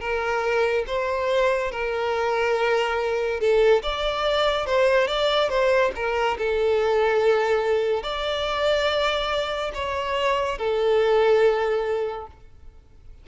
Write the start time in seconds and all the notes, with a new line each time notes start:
0.00 A#4
0.87 C5
1.71 A#4
3.40 A4
3.83 D5
4.66 C5
5.07 D5
5.49 C5
5.95 A#4
6.38 A4
8.03 D5
9.74 C#5
10.58 A4